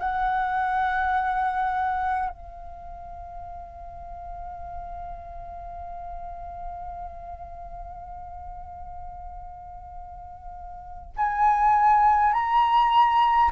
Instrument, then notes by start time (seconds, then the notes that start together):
flute
0.00 F#5
2.30 F5
11.17 G#5
12.33 A#5